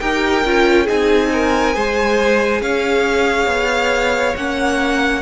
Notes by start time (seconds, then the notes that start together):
0.00 D#4 G4 A#4 G5
0.45 C#4 F4
0.84 C4 D#4 G#4 G#5
1.33 A#4
1.73 G#3 G#4 C5
2.61 C#4 C#5 F5
3.47 B3
4.36 A#3 C#4 F#5